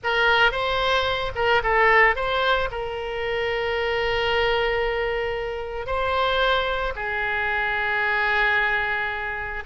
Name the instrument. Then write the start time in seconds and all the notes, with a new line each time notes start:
oboe
0.03 A#4
0.51 C5
1.35 A#4
1.63 A4
2.15 C5
2.71 A#4
5.86 C5
6.95 G#4